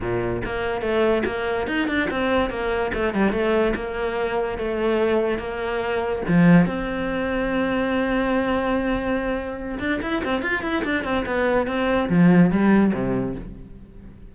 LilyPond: \new Staff \with { instrumentName = "cello" } { \time 4/4 \tempo 4 = 144 ais,4 ais4 a4 ais4 | dis'8 d'8 c'4 ais4 a8 g8 | a4 ais2 a4~ | a4 ais2 f4 |
c'1~ | c'2.~ c'8 d'8 | e'8 c'8 f'8 e'8 d'8 c'8 b4 | c'4 f4 g4 c4 | }